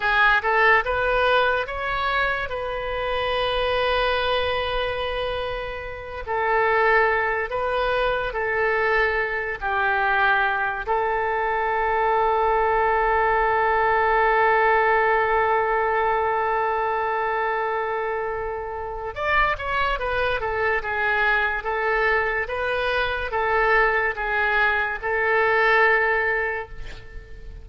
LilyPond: \new Staff \with { instrumentName = "oboe" } { \time 4/4 \tempo 4 = 72 gis'8 a'8 b'4 cis''4 b'4~ | b'2.~ b'8 a'8~ | a'4 b'4 a'4. g'8~ | g'4 a'2.~ |
a'1~ | a'2. d''8 cis''8 | b'8 a'8 gis'4 a'4 b'4 | a'4 gis'4 a'2 | }